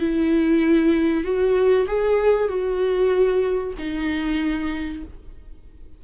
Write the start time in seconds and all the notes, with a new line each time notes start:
0.00 E4
1.24 F#4
1.88 G#4
2.49 F#4
3.79 D#4